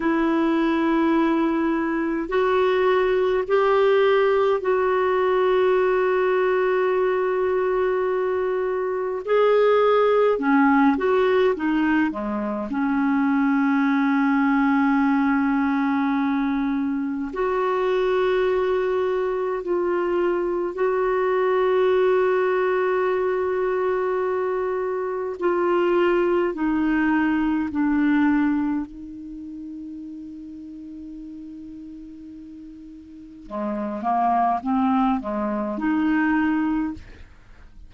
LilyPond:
\new Staff \with { instrumentName = "clarinet" } { \time 4/4 \tempo 4 = 52 e'2 fis'4 g'4 | fis'1 | gis'4 cis'8 fis'8 dis'8 gis8 cis'4~ | cis'2. fis'4~ |
fis'4 f'4 fis'2~ | fis'2 f'4 dis'4 | d'4 dis'2.~ | dis'4 gis8 ais8 c'8 gis8 dis'4 | }